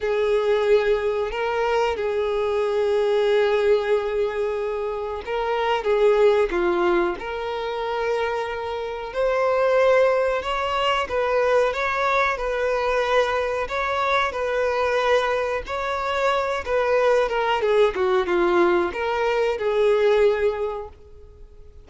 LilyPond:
\new Staff \with { instrumentName = "violin" } { \time 4/4 \tempo 4 = 92 gis'2 ais'4 gis'4~ | gis'1 | ais'4 gis'4 f'4 ais'4~ | ais'2 c''2 |
cis''4 b'4 cis''4 b'4~ | b'4 cis''4 b'2 | cis''4. b'4 ais'8 gis'8 fis'8 | f'4 ais'4 gis'2 | }